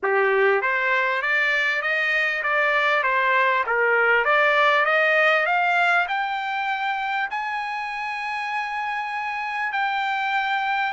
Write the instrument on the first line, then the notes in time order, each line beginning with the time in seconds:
trumpet
0.02 G4
0.61 C5
1.21 D5
1.82 D#5
2.42 D5
3.03 C5
3.66 A#4
4.25 D5
4.85 D#5
5.45 F5
6.08 G5
7.30 G#5
9.72 G5